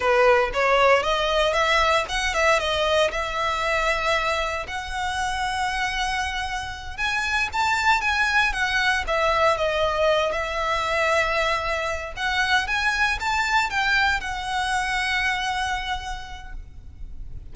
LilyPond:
\new Staff \with { instrumentName = "violin" } { \time 4/4 \tempo 4 = 116 b'4 cis''4 dis''4 e''4 | fis''8 e''8 dis''4 e''2~ | e''4 fis''2.~ | fis''4. gis''4 a''4 gis''8~ |
gis''8 fis''4 e''4 dis''4. | e''2.~ e''8 fis''8~ | fis''8 gis''4 a''4 g''4 fis''8~ | fis''1 | }